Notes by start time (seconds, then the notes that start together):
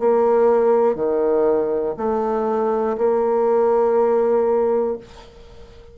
0.00 A#3
0.96 D#3
1.97 A3
2.98 A#3